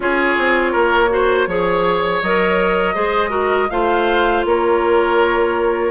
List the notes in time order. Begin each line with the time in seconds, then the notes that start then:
0.00 C#4 F4 G#4 C#5
0.37 C4
0.72 A#3 A#4
1.09 F#4 C5
1.46 F3 G#4 C#5
2.22 F#3 A#4 D#5
2.94 G#3 G#4 C5
3.29 F#4 A#4
3.70 A3 F4 C5 F5
4.45 A#3 A#4 C#5